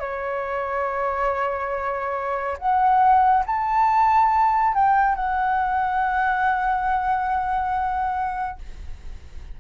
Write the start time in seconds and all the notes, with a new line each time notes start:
0.00 C#5
2.59 F#5
3.47 A5
4.75 G5
5.16 F#5